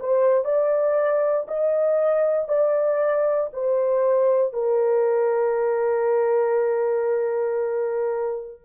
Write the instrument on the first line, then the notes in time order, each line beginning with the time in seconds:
horn
0.00 C5
0.45 D5
1.48 D#5
2.49 D5
3.53 C5
4.53 A#4